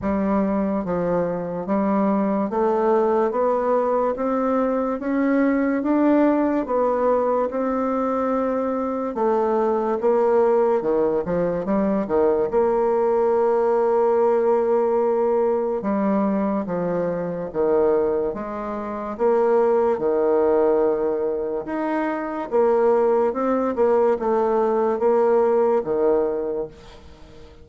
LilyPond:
\new Staff \with { instrumentName = "bassoon" } { \time 4/4 \tempo 4 = 72 g4 f4 g4 a4 | b4 c'4 cis'4 d'4 | b4 c'2 a4 | ais4 dis8 f8 g8 dis8 ais4~ |
ais2. g4 | f4 dis4 gis4 ais4 | dis2 dis'4 ais4 | c'8 ais8 a4 ais4 dis4 | }